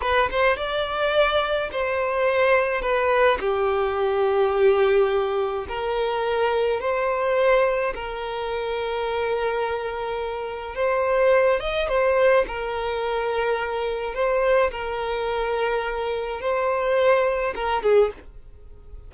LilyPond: \new Staff \with { instrumentName = "violin" } { \time 4/4 \tempo 4 = 106 b'8 c''8 d''2 c''4~ | c''4 b'4 g'2~ | g'2 ais'2 | c''2 ais'2~ |
ais'2. c''4~ | c''8 dis''8 c''4 ais'2~ | ais'4 c''4 ais'2~ | ais'4 c''2 ais'8 gis'8 | }